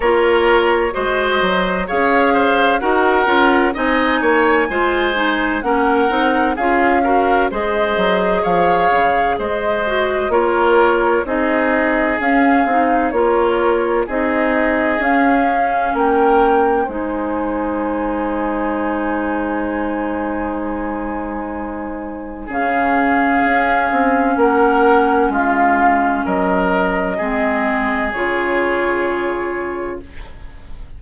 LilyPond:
<<
  \new Staff \with { instrumentName = "flute" } { \time 4/4 \tempo 4 = 64 cis''4 dis''4 f''4 fis''4 | gis''2 fis''4 f''4 | dis''4 f''4 dis''4 cis''4 | dis''4 f''4 cis''4 dis''4 |
f''4 g''4 gis''2~ | gis''1 | f''2 fis''4 f''4 | dis''2 cis''2 | }
  \new Staff \with { instrumentName = "oboe" } { \time 4/4 ais'4 c''4 cis''8 c''8 ais'4 | dis''8 cis''8 c''4 ais'4 gis'8 ais'8 | c''4 cis''4 c''4 ais'4 | gis'2 ais'4 gis'4~ |
gis'4 ais'4 c''2~ | c''1 | gis'2 ais'4 f'4 | ais'4 gis'2. | }
  \new Staff \with { instrumentName = "clarinet" } { \time 4/4 f'4 fis'4 gis'4 fis'8 f'8 | dis'4 f'8 dis'8 cis'8 dis'8 f'8 fis'8 | gis'2~ gis'8 fis'8 f'4 | dis'4 cis'8 dis'8 f'4 dis'4 |
cis'2 dis'2~ | dis'1 | cis'1~ | cis'4 c'4 f'2 | }
  \new Staff \with { instrumentName = "bassoon" } { \time 4/4 ais4 gis8 fis8 cis'4 dis'8 cis'8 | c'8 ais8 gis4 ais8 c'8 cis'4 | gis8 fis8 f8 cis8 gis4 ais4 | c'4 cis'8 c'8 ais4 c'4 |
cis'4 ais4 gis2~ | gis1 | cis4 cis'8 c'8 ais4 gis4 | fis4 gis4 cis2 | }
>>